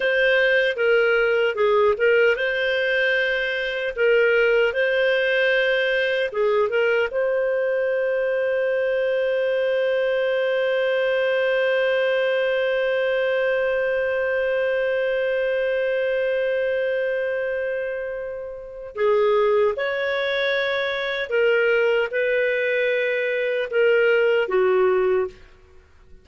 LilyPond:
\new Staff \with { instrumentName = "clarinet" } { \time 4/4 \tempo 4 = 76 c''4 ais'4 gis'8 ais'8 c''4~ | c''4 ais'4 c''2 | gis'8 ais'8 c''2.~ | c''1~ |
c''1~ | c''1 | gis'4 cis''2 ais'4 | b'2 ais'4 fis'4 | }